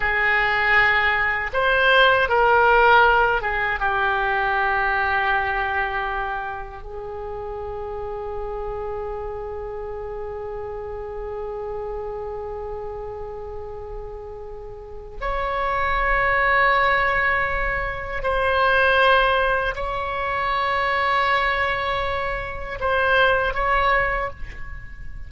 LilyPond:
\new Staff \with { instrumentName = "oboe" } { \time 4/4 \tempo 4 = 79 gis'2 c''4 ais'4~ | ais'8 gis'8 g'2.~ | g'4 gis'2.~ | gis'1~ |
gis'1 | cis''1 | c''2 cis''2~ | cis''2 c''4 cis''4 | }